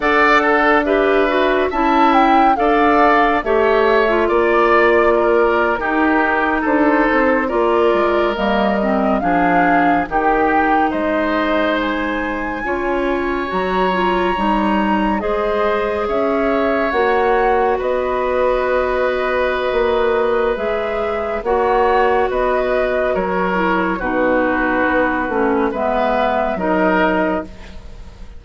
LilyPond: <<
  \new Staff \with { instrumentName = "flute" } { \time 4/4 \tempo 4 = 70 fis''4 e''4 a''8 g''8 f''4 | e''4 d''4.~ d''16 ais'4 c''16~ | c''8. d''4 dis''4 f''4 g''16~ | g''8. dis''4 gis''2 ais''16~ |
ais''4.~ ais''16 dis''4 e''4 fis''16~ | fis''8. dis''2.~ dis''16 | e''4 fis''4 dis''4 cis''4 | b'2 e''4 dis''4 | }
  \new Staff \with { instrumentName = "oboe" } { \time 4/4 d''8 a'8 b'4 e''4 d''4 | cis''4 d''4 ais'8. g'4 a'16~ | a'8. ais'2 gis'4 g'16~ | g'8. c''2 cis''4~ cis''16~ |
cis''4.~ cis''16 c''4 cis''4~ cis''16~ | cis''8. b'2.~ b'16~ | b'4 cis''4 b'4 ais'4 | fis'2 b'4 ais'4 | }
  \new Staff \with { instrumentName = "clarinet" } { \time 4/4 a'4 g'8 fis'8 e'4 a'4 | g'8. f'2 dis'4~ dis'16~ | dis'8. f'4 ais8 c'8 d'4 dis'16~ | dis'2~ dis'8. f'4 fis'16~ |
fis'16 f'8 dis'4 gis'2 fis'16~ | fis'1 | gis'4 fis'2~ fis'8 e'8 | dis'4. cis'8 b4 dis'4 | }
  \new Staff \with { instrumentName = "bassoon" } { \time 4/4 d'2 cis'4 d'4 | a4 ais4.~ ais16 dis'4 d'16~ | d'16 c'8 ais8 gis8 g4 f4 dis16~ | dis8. gis2 cis'4 fis16~ |
fis8. g4 gis4 cis'4 ais16~ | ais8. b2~ b16 ais4 | gis4 ais4 b4 fis4 | b,4 b8 a8 gis4 fis4 | }
>>